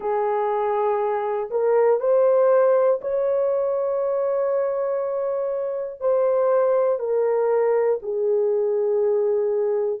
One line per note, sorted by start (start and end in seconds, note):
0.00 1.50 G#4
1.50 2.00 A#4
2.00 3.00 C5
3.00 6.00 C#5
6.00 6.99 C5
6.99 7.99 A#4
8.02 10.00 G#4